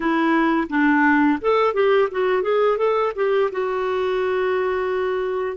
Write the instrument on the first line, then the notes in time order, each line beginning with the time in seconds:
clarinet
0.00 E4
0.68 D4
1.41 A4
1.73 G4
2.11 F#4
2.42 G#4
2.77 A4
3.15 G4
3.51 F#4